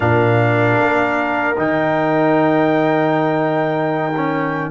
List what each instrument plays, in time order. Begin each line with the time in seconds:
0.00 tuba A#2, trombone D4, horn A#4, trumpet F5
0.79 tuba A#3
1.55 tuba D#3, trombone D#4, trumpet G5
4.16 trombone C#4